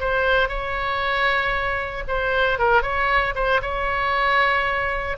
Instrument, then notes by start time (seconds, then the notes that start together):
oboe
0.00 C5
0.49 C#5
2.08 C5
2.59 A#4
2.82 C#5
3.35 C5
3.62 C#5